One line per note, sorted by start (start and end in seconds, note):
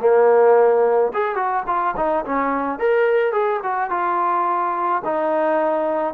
0.00 1.12 A#3
1.13 1.35 G#4
1.35 1.63 F#4
1.66 1.94 F4
1.97 2.25 D#4
2.25 2.79 C#4
2.79 3.32 A#4
3.32 3.60 G#4
3.63 3.90 F#4
3.90 5.02 F4
5.04 6.14 D#4